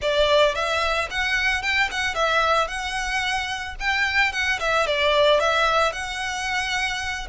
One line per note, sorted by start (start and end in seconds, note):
0.01 0.55 D5
0.55 1.09 E5
1.10 1.62 F#5
1.62 1.89 G5
1.91 2.14 F#5
2.14 2.67 E5
2.67 3.75 F#5
3.79 4.32 G5
4.32 4.59 F#5
4.59 4.86 E5
4.86 5.40 D5
5.40 5.92 E5
5.92 7.27 F#5